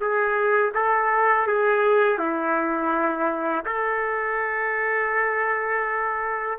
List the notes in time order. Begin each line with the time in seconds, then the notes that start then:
0.00 G#4
0.74 A4
1.47 G#4
2.18 E4
3.66 A4